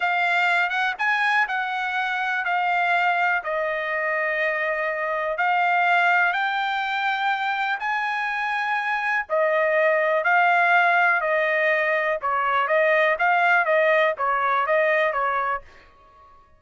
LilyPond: \new Staff \with { instrumentName = "trumpet" } { \time 4/4 \tempo 4 = 123 f''4. fis''8 gis''4 fis''4~ | fis''4 f''2 dis''4~ | dis''2. f''4~ | f''4 g''2. |
gis''2. dis''4~ | dis''4 f''2 dis''4~ | dis''4 cis''4 dis''4 f''4 | dis''4 cis''4 dis''4 cis''4 | }